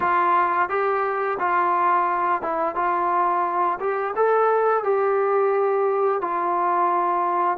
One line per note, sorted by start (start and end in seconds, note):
0.00 0.69 F4
0.69 1.38 G4
1.39 2.41 F4
2.41 2.75 E4
2.75 3.78 F4
3.80 4.14 G4
4.16 4.83 A4
4.83 6.21 G4
6.21 7.57 F4